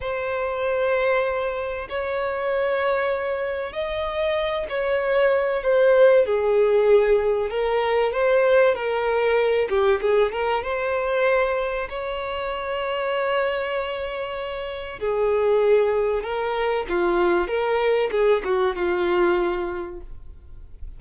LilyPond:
\new Staff \with { instrumentName = "violin" } { \time 4/4 \tempo 4 = 96 c''2. cis''4~ | cis''2 dis''4. cis''8~ | cis''4 c''4 gis'2 | ais'4 c''4 ais'4. g'8 |
gis'8 ais'8 c''2 cis''4~ | cis''1 | gis'2 ais'4 f'4 | ais'4 gis'8 fis'8 f'2 | }